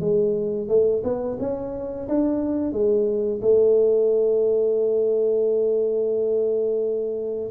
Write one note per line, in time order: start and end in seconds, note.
0.00 0.68 G#3
0.68 1.03 A3
1.04 1.38 B3
1.39 2.08 C#4
2.09 2.72 D4
2.72 3.40 G#3
3.42 7.51 A3